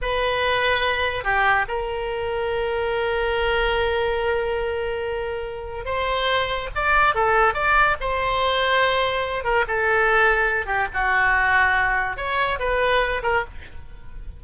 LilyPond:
\new Staff \with { instrumentName = "oboe" } { \time 4/4 \tempo 4 = 143 b'2. g'4 | ais'1~ | ais'1~ | ais'2 c''2 |
d''4 a'4 d''4 c''4~ | c''2~ c''8 ais'8 a'4~ | a'4. g'8 fis'2~ | fis'4 cis''4 b'4. ais'8 | }